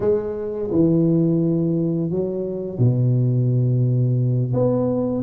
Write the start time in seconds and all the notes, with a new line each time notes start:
0.00 G#3
0.71 E3
2.10 F#3
2.78 B2
4.53 B3